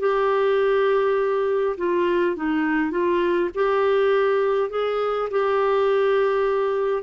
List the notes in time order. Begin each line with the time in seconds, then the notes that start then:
0.00 G4
1.78 F4
2.37 D#4
2.91 F4
3.55 G4
4.71 G#4
5.31 G4